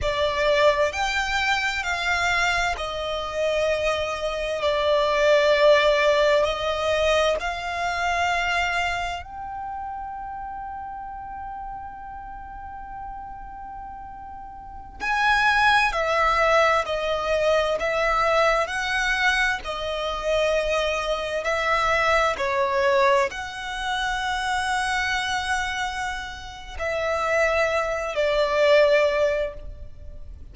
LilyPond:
\new Staff \with { instrumentName = "violin" } { \time 4/4 \tempo 4 = 65 d''4 g''4 f''4 dis''4~ | dis''4 d''2 dis''4 | f''2 g''2~ | g''1~ |
g''16 gis''4 e''4 dis''4 e''8.~ | e''16 fis''4 dis''2 e''8.~ | e''16 cis''4 fis''2~ fis''8.~ | fis''4 e''4. d''4. | }